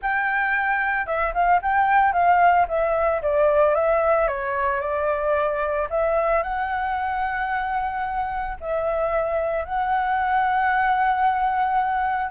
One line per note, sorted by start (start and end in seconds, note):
0.02 1.06 G5
1.06 1.33 E5
1.34 1.60 F5
1.61 2.13 G5
2.13 2.66 F5
2.68 3.21 E5
3.21 3.74 D5
3.74 4.27 E5
4.27 4.80 C#5
4.80 5.88 D5
5.90 6.43 E5
6.43 8.57 F#5
8.60 9.64 E5
9.64 12.31 F#5